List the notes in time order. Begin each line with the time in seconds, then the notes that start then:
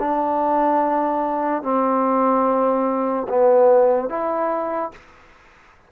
0.00 D4
1.63 C4
3.29 B3
4.10 E4